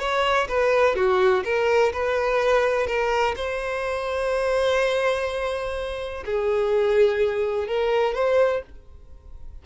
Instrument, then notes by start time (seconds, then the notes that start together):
violin
0.00 C#5
0.49 B4
0.96 F#4
1.45 A#4
1.93 B4
2.88 A#4
3.37 C5
6.26 G#4
7.68 A#4
8.15 C5